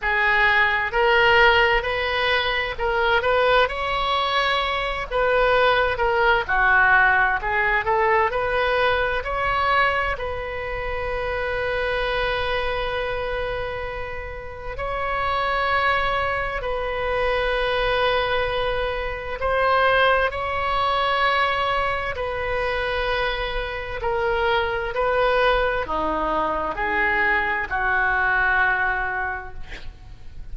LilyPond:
\new Staff \with { instrumentName = "oboe" } { \time 4/4 \tempo 4 = 65 gis'4 ais'4 b'4 ais'8 b'8 | cis''4. b'4 ais'8 fis'4 | gis'8 a'8 b'4 cis''4 b'4~ | b'1 |
cis''2 b'2~ | b'4 c''4 cis''2 | b'2 ais'4 b'4 | dis'4 gis'4 fis'2 | }